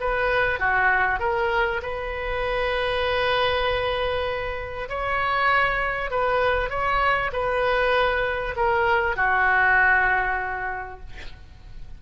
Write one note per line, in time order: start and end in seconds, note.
0.00 0.59 B4
0.59 1.19 F#4
1.19 1.81 A#4
1.82 4.88 B4
4.89 6.10 C#5
6.10 6.70 B4
6.70 7.31 C#5
7.32 8.55 B4
8.56 9.16 A#4
9.16 11.00 F#4